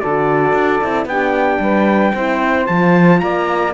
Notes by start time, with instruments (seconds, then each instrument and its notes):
0.00 cello D3, horn F#4, saxophone A4, trumpet D5
0.53 cello D4
0.82 cello C4, horn E4
1.05 cello B3, horn D4, saxophone G4, trumpet G5
1.60 cello G3, saxophone B4
2.13 cello C4, horn E4, saxophone C5
2.66 cello F3, horn F4, trumpet A5
3.20 cello A#3, saxophone D5, trumpet A#5